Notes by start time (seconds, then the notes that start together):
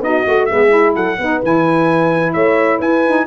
0.00 B3 D#4 F#4 D#5
0.25 A3 F#4
0.46 G#3 B3 G#4 E5
0.70 E4
0.95 F#3 A4 F#5
1.19 B3 D#4 B4
1.44 E3 E4 G#5
2.33 A3 C#5 E5
2.79 E4 B4 G#5
3.06 D#4